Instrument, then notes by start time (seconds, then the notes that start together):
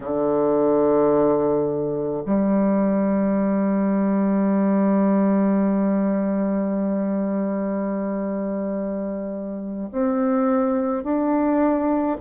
bassoon
0.00 D3
2.25 G3
9.92 C4
11.03 D4